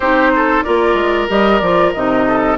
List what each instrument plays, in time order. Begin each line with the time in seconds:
0.00 bassoon C4, clarinet D#4, oboe G4, flute C5
0.35 oboe A4
0.63 bassoon A#3, clarinet F4, oboe A#4, flute D5
0.94 bassoon G#3
1.28 bassoon G3, clarinet G4, flute D#5
1.59 bassoon F3, clarinet F4, flute D5
1.93 bassoon C3, clarinet D#4, flute D#5
2.27 oboe A4